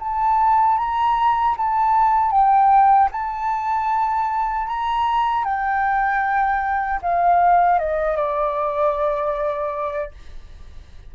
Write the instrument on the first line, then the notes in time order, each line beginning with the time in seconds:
flute
0.00 A5
0.78 A#5
1.58 A5
2.32 G5
3.12 A5
4.68 A#5
5.45 G5
7.02 F5
7.79 D#5
8.17 D5